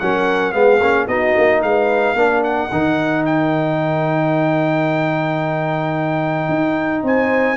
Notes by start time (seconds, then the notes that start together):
0.00 F#3 C#4 A#4 F#5
0.53 G#3 B3 G#4 F5
0.80 A#3 C#4
1.07 B3 D#4 F#4 D#5
1.38 A#3
1.63 G#3 B4 F5
2.15 A#3 D4 A#4
2.44 F#5
2.72 D#3 D#4
3.26 G5
6.49 D#4
7.03 C4 C5 G#5